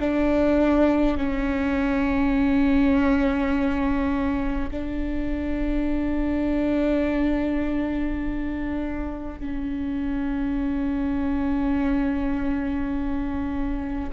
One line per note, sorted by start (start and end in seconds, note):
0.00 1.18 D4
1.18 4.71 C#4
4.71 9.40 D4
9.40 14.11 C#4